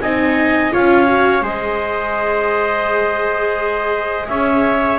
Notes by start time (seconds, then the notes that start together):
0.00 C4 D#4 D#5 G#5
0.71 C#4 F4 C#5 F5
1.06 F#4
1.41 G#3 G#4 C5 D#5
4.28 C#4 C#5 E5